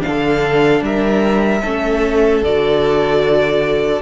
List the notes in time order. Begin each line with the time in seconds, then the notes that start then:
0.00 D4 F5
0.07 D3 A4
0.81 G3 A#4 E5
1.62 A3 C#4 A4
2.42 D3 F#4 D5